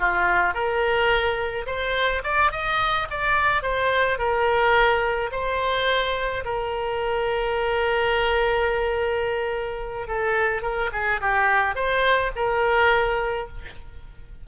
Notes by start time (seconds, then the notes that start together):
0.00 F4
0.54 A#4
1.67 C5
2.24 D5
2.52 D#5
3.11 D5
3.63 C5
4.19 A#4
5.32 C5
6.45 A#4
10.08 A4
10.62 A#4
10.93 G#4
11.21 G4
11.76 C5
12.36 A#4